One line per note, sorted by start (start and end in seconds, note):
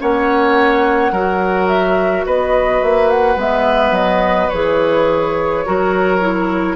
0.00 1.12 A#3
0.00 1.13 C#4
0.00 1.12 C#5
0.00 1.68 F#5
1.12 2.25 F#3
1.12 3.39 F#4
1.12 2.26 A#4
1.68 2.25 E5
2.25 2.82 B3
2.25 5.66 B4
2.25 2.83 D#5
2.83 3.37 A#3
2.83 3.11 E5
3.11 3.39 F#5
3.37 3.91 G#3
3.37 4.52 B3
3.37 3.95 E5
3.91 4.48 F#3
3.91 4.50 D#5
4.50 5.67 E3
4.50 5.66 G#4
4.50 6.76 C#5
5.66 6.76 F#3
5.66 6.21 F#4
5.66 6.76 A#4
6.21 6.76 E4